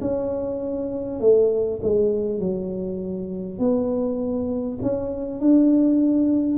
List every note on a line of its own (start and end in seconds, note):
0.00 1.20 C#4
1.20 1.80 A3
1.82 2.39 G#3
2.39 3.58 F#3
3.58 4.78 B3
4.82 5.40 C#4
5.40 6.58 D4